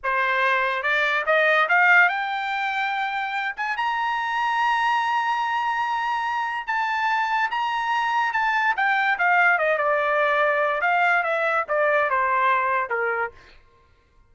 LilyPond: \new Staff \with { instrumentName = "trumpet" } { \time 4/4 \tempo 4 = 144 c''2 d''4 dis''4 | f''4 g''2.~ | g''8 gis''8 ais''2.~ | ais''1 |
a''2 ais''2 | a''4 g''4 f''4 dis''8 d''8~ | d''2 f''4 e''4 | d''4 c''2 ais'4 | }